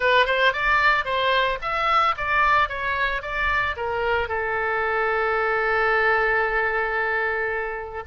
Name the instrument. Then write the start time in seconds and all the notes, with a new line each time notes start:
oboe
0.00 B4
0.26 C5
0.52 D5
1.04 C5
1.61 E5
2.17 D5
2.68 C#5
3.22 D5
3.76 A#4
4.28 A4